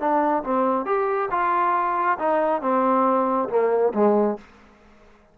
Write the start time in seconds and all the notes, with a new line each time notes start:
0.00 D4
0.44 C4
0.86 G4
1.31 F4
2.19 D#4
2.62 C4
3.49 A#3
3.94 G#3